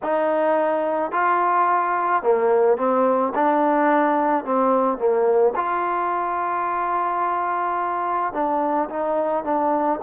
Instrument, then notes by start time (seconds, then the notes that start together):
trombone
0.02 D#4
1.11 F4
2.22 A#3
2.77 C4
3.34 D4
4.44 C4
4.97 A#3
5.56 F4
8.33 D4
8.89 D#4
9.43 D4